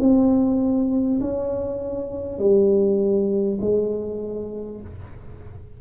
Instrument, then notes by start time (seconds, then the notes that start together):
tuba
0.00 C4
1.21 C#4
2.39 G3
3.61 G#3